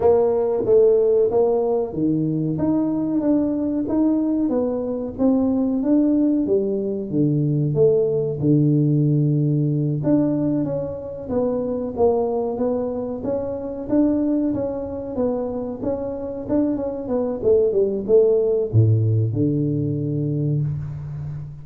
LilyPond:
\new Staff \with { instrumentName = "tuba" } { \time 4/4 \tempo 4 = 93 ais4 a4 ais4 dis4 | dis'4 d'4 dis'4 b4 | c'4 d'4 g4 d4 | a4 d2~ d8 d'8~ |
d'8 cis'4 b4 ais4 b8~ | b8 cis'4 d'4 cis'4 b8~ | b8 cis'4 d'8 cis'8 b8 a8 g8 | a4 a,4 d2 | }